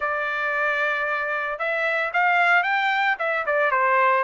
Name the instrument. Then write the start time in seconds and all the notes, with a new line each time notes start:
trumpet
0.00 D5
1.58 E5
2.13 F5
2.63 G5
3.19 E5
3.45 D5
3.71 C5